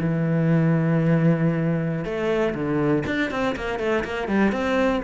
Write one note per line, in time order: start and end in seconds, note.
0.00 2.05 E3
2.05 2.54 A3
2.54 3.04 D3
3.06 3.31 D4
3.31 3.56 C4
3.56 3.80 A#3
3.80 4.04 A3
4.04 4.28 A#3
4.28 4.52 G3
4.52 5.02 C4